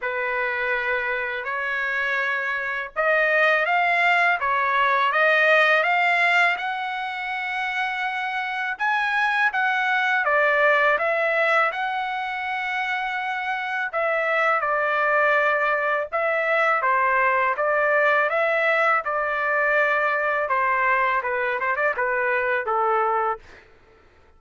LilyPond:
\new Staff \with { instrumentName = "trumpet" } { \time 4/4 \tempo 4 = 82 b'2 cis''2 | dis''4 f''4 cis''4 dis''4 | f''4 fis''2. | gis''4 fis''4 d''4 e''4 |
fis''2. e''4 | d''2 e''4 c''4 | d''4 e''4 d''2 | c''4 b'8 c''16 d''16 b'4 a'4 | }